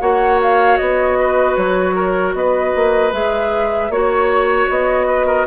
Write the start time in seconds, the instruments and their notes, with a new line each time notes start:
0.00 bassoon A#3, clarinet F#4, oboe C#5, flute F#5
0.42 flute F5
0.77 bassoon B3, flute D#5
1.19 oboe B4
1.56 bassoon F#3, flute C#5
1.95 oboe A#4
2.34 bassoon B3, oboe B4, flute D#5
2.75 bassoon A#3
3.13 bassoon G#3, clarinet G#4, flute E5
3.90 bassoon A#3, clarinet F#4, flute C#5, oboe C#5
4.69 bassoon B3, flute D#5
5.07 oboe B4
5.26 oboe A#4